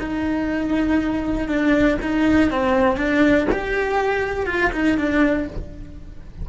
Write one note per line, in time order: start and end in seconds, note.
0.00 1.48 D#4
1.48 1.98 D4
2.02 2.50 D#4
2.50 2.97 C4
2.97 3.47 D4
3.52 4.46 G4
4.46 4.71 F4
4.73 4.98 D#4
4.98 5.48 D4